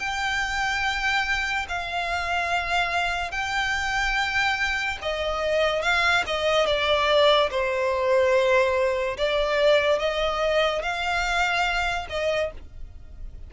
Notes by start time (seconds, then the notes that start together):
0.00 G5
1.69 F5
3.32 G5
5.02 D#5
5.83 F5
6.27 D#5
6.67 D5
7.51 C5
9.17 D5
9.99 D#5
10.83 F5
12.10 D#5